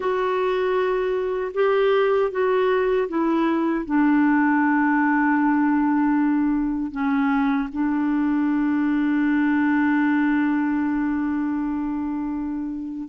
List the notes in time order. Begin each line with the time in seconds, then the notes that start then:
0.00 F#4
1.54 G4
2.31 F#4
3.08 E4
3.85 D4
6.91 C#4
7.72 D4